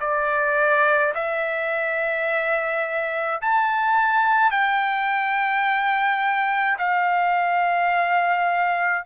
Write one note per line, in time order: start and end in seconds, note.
0.00 1.13 D5
1.15 3.41 E5
3.42 4.51 A5
4.51 6.78 G5
6.79 9.05 F5